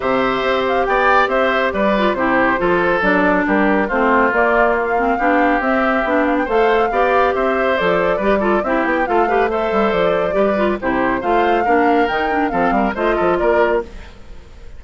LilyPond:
<<
  \new Staff \with { instrumentName = "flute" } { \time 4/4 \tempo 4 = 139 e''4. f''8 g''4 e''4 | d''4 c''2 d''4 | ais'4 c''4 d''4 f''4~ | f''4 e''4. f''16 g''16 f''4~ |
f''4 e''4 d''2 | e''8 g''8 f''4 e''4 d''4~ | d''4 c''4 f''2 | g''4 f''4 dis''4 d''4 | }
  \new Staff \with { instrumentName = "oboe" } { \time 4/4 c''2 d''4 c''4 | b'4 g'4 a'2 | g'4 f'2. | g'2. c''4 |
d''4 c''2 b'8 a'8 | g'4 a'8 b'8 c''2 | b'4 g'4 c''4 ais'4~ | ais'4 a'8 ais'8 c''8 a'8 ais'4 | }
  \new Staff \with { instrumentName = "clarinet" } { \time 4/4 g'1~ | g'8 f'8 e'4 f'4 d'4~ | d'4 c'4 ais4. c'8 | d'4 c'4 d'4 a'4 |
g'2 a'4 g'8 f'8 | e'4 f'8 g'8 a'2 | g'8 f'8 e'4 f'4 d'4 | dis'8 d'8 c'4 f'2 | }
  \new Staff \with { instrumentName = "bassoon" } { \time 4/4 c4 c'4 b4 c'4 | g4 c4 f4 fis4 | g4 a4 ais2 | b4 c'4 b4 a4 |
b4 c'4 f4 g4 | c'8 b8 a4. g8 f4 | g4 c4 a4 ais4 | dis4 f8 g8 a8 f8 ais4 | }
>>